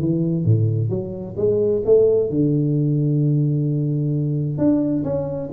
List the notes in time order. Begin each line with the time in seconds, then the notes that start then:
0.00 E3
0.45 A2
0.90 F#3
1.37 G#3
1.85 A3
2.30 D3
4.58 D4
5.04 C#4